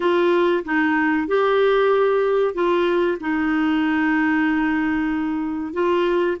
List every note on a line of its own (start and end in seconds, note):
0.00 0.64 F4
0.64 1.27 D#4
1.27 2.54 G4
2.54 3.18 F4
3.20 5.73 D#4
5.73 6.37 F4